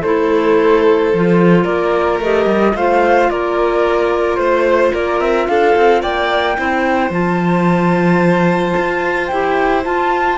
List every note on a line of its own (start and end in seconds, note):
0.00 1.13 A3
0.00 1.13 E4
0.00 1.63 A4
0.00 1.64 C5
1.13 1.65 F3
1.13 2.22 F4
1.63 2.19 A#3
1.63 2.72 A#4
1.63 2.19 D5
2.19 2.46 A3
2.19 2.75 G4
2.19 2.76 D#5
2.46 2.73 G3
2.74 3.29 A3
2.74 6.56 F4
2.74 3.30 C5
2.74 3.30 F5
3.30 4.37 A#3
3.30 4.39 A#4
3.30 4.36 D5
4.36 4.91 A3
4.36 4.90 C5
4.36 4.92 C5
4.92 5.20 A#3
4.92 5.47 A#4
4.92 5.20 D5
5.20 5.47 C4
5.20 5.46 E5
5.46 5.75 D4
5.46 6.02 A4
5.46 6.01 F5
5.75 6.03 C4
6.02 6.57 A#3
6.02 6.56 D5
6.02 7.11 G5
6.56 7.10 C4
6.56 7.11 E4
6.56 10.38 C5
7.10 8.73 F3
7.10 9.29 F4
7.10 9.27 A5
8.77 9.31 F4
9.27 9.85 E4
9.27 9.83 G4
9.27 9.81 G5
9.83 10.38 F4
9.83 10.38 A5